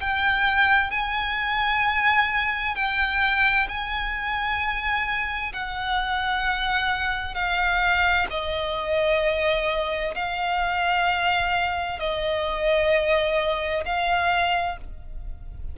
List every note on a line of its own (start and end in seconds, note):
0.00 0.91 G5
0.91 2.75 G#5
2.75 3.68 G5
3.68 5.53 G#5
5.53 7.34 F#5
7.34 8.27 F5
8.30 10.15 D#5
10.15 12.00 F5
12.00 13.84 D#5
13.85 14.78 F5